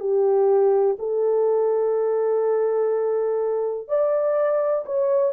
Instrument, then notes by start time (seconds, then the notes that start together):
horn
0.00 G4
0.99 A4
3.88 D5
4.86 C#5